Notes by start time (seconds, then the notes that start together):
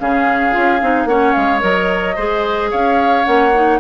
0.00 C#3 C#4 G#4 F5
0.52 C#4 F4
0.81 C4 D#4
1.05 A#3 C#4 C#5 F#5
1.33 G#3 F5
1.60 F#3 A#4 D#5
2.16 G#3 G#4 C5
2.71 C#4 C#5 F5
3.24 A#3 C#4 F#5
3.54 D#4